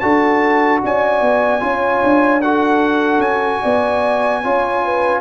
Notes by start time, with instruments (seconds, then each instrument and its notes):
0.00 tuba D4, trombone F#4, horn A4, trumpet A5
0.84 tuba C#4, horn D5, trumpet G#5
1.21 tuba B3
1.60 tuba C#4, trombone F4, horn C#5
2.03 tuba D4
2.42 trombone F#4, horn A4, trumpet F#5
3.19 tuba C#4, trumpet G#5
3.62 tuba B3, horn D5
4.43 tuba C#4, trombone F4, horn C#5
4.84 horn B4